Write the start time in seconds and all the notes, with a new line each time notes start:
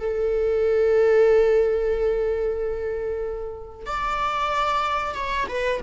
0.00 A4
3.86 D5
5.15 C#5
5.49 B4